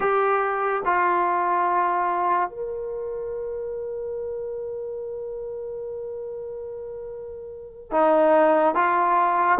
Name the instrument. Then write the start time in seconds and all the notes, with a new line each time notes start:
trombone
0.00 G4
0.85 F4
2.49 A#4
7.91 D#4
8.75 F4